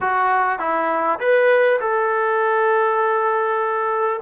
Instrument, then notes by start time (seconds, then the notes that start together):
trombone
0.00 F#4
0.59 E4
1.19 B4
1.80 A4